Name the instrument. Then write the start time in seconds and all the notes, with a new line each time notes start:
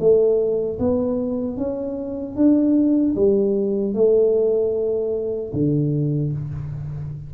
tuba
0.00 A3
0.79 B3
1.57 C#4
2.36 D4
3.15 G3
3.95 A3
5.53 D3